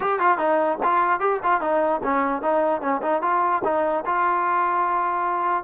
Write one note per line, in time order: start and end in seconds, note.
0.00 0.19 G4
0.19 0.38 F4
0.38 0.78 D#4
0.83 1.20 F4
1.20 1.40 G4
1.43 1.60 F4
1.60 2.01 D#4
2.03 2.42 C#4
2.42 2.81 D#4
2.81 3.01 C#4
3.02 3.22 D#4
3.22 3.62 F4
3.64 4.04 D#4
4.05 5.63 F4